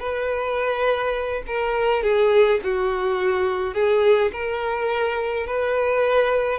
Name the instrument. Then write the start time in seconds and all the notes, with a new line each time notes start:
violin
0.00 B4
1.47 A#4
2.03 G#4
2.64 F#4
3.74 G#4
4.32 A#4
5.47 B4